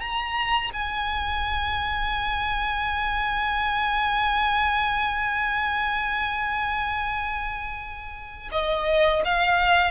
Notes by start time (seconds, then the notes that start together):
0.00 A#5
0.73 G#5
8.52 D#5
9.25 F5